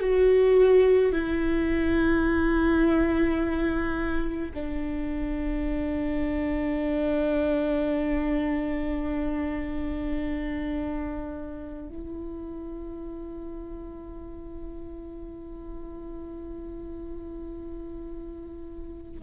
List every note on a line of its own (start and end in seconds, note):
0.00 1.13 F#4
1.13 4.52 E4
4.54 11.89 D4
11.89 19.23 E4